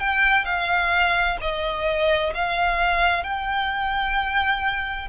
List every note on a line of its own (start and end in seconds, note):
0.00 0.45 G5
0.45 1.37 F5
1.41 2.33 D#5
2.35 3.23 F5
3.23 5.08 G5